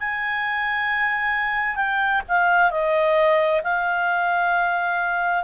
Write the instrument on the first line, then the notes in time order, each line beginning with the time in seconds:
clarinet
0.00 G#5
1.76 G5
2.28 F5
2.71 D#5
3.63 F5